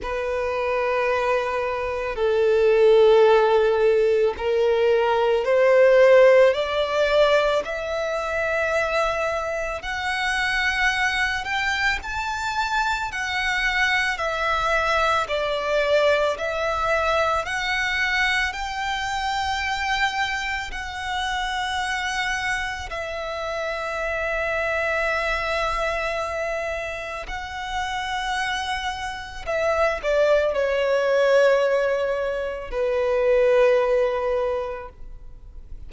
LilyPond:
\new Staff \with { instrumentName = "violin" } { \time 4/4 \tempo 4 = 55 b'2 a'2 | ais'4 c''4 d''4 e''4~ | e''4 fis''4. g''8 a''4 | fis''4 e''4 d''4 e''4 |
fis''4 g''2 fis''4~ | fis''4 e''2.~ | e''4 fis''2 e''8 d''8 | cis''2 b'2 | }